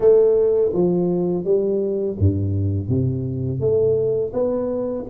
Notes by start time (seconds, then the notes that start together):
0.00 A3
0.73 F3
1.44 G3
2.18 G2
2.88 C3
3.59 A3
4.33 B3